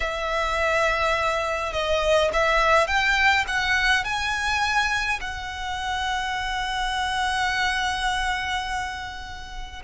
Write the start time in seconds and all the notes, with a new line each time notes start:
0.00 E5
1.73 D#5
2.33 E5
2.87 G5
3.47 F#5
4.04 G#5
5.21 F#5